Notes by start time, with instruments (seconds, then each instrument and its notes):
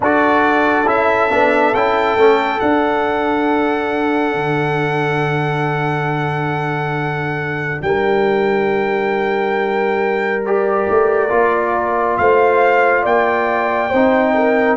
0.00 tuba D4, trombone F#4, horn A4, trumpet D5
0.86 tuba C#4, trombone E4, trumpet E5
1.30 tuba B3, trombone D4
1.74 tuba C#4, trombone E4, trumpet G5
2.16 tuba A3, trombone C#4
2.58 trombone D4, tuba D4, trumpet F#5
4.34 tuba D3
7.81 tuba G3, horn A#4, trumpet G5
10.45 trombone G4, trumpet D5
10.88 tuba A3
11.29 tuba A#3, trombone F4
12.17 tuba A3, horn C5, trumpet F5
13.03 tuba A#3, horn D5, trumpet G5
13.89 tuba C4, trombone D#4, horn C5
14.34 horn A#4